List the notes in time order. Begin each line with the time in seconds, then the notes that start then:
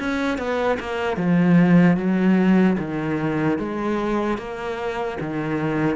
0.00 C#4
0.39 B3
0.80 A#3
1.17 F3
1.97 F#3
2.79 D#3
3.59 G#3
4.39 A#3
5.21 D#3